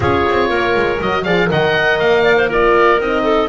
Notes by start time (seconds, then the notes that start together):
0.00 C#4 F4 G#4 C#5
0.28 C4
0.48 A#3 A#4
0.75 G#3
1.00 F#3 F#4 D#5
1.23 F3 G#4 D5 F5
1.46 D#3 A#4 D#5 F#5
1.99 A#3 F5
2.23 D5
2.37 C5
2.48 F4 A#4 D5
2.99 C4 D#4 D#5
3.23 A4